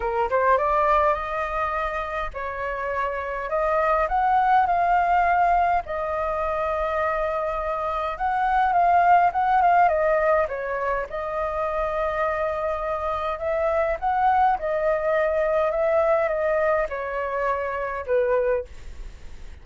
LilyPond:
\new Staff \with { instrumentName = "flute" } { \time 4/4 \tempo 4 = 103 ais'8 c''8 d''4 dis''2 | cis''2 dis''4 fis''4 | f''2 dis''2~ | dis''2 fis''4 f''4 |
fis''8 f''8 dis''4 cis''4 dis''4~ | dis''2. e''4 | fis''4 dis''2 e''4 | dis''4 cis''2 b'4 | }